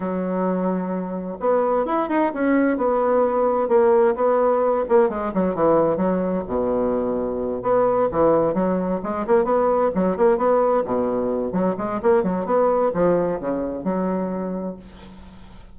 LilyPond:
\new Staff \with { instrumentName = "bassoon" } { \time 4/4 \tempo 4 = 130 fis2. b4 | e'8 dis'8 cis'4 b2 | ais4 b4. ais8 gis8 fis8 | e4 fis4 b,2~ |
b,8 b4 e4 fis4 gis8 | ais8 b4 fis8 ais8 b4 b,8~ | b,4 fis8 gis8 ais8 fis8 b4 | f4 cis4 fis2 | }